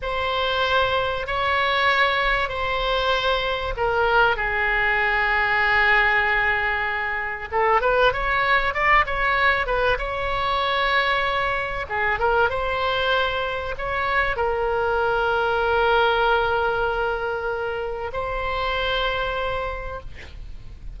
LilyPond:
\new Staff \with { instrumentName = "oboe" } { \time 4/4 \tempo 4 = 96 c''2 cis''2 | c''2 ais'4 gis'4~ | gis'1 | a'8 b'8 cis''4 d''8 cis''4 b'8 |
cis''2. gis'8 ais'8 | c''2 cis''4 ais'4~ | ais'1~ | ais'4 c''2. | }